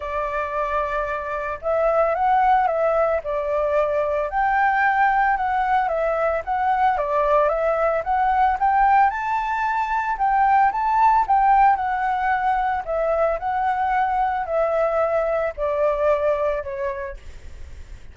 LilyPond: \new Staff \with { instrumentName = "flute" } { \time 4/4 \tempo 4 = 112 d''2. e''4 | fis''4 e''4 d''2 | g''2 fis''4 e''4 | fis''4 d''4 e''4 fis''4 |
g''4 a''2 g''4 | a''4 g''4 fis''2 | e''4 fis''2 e''4~ | e''4 d''2 cis''4 | }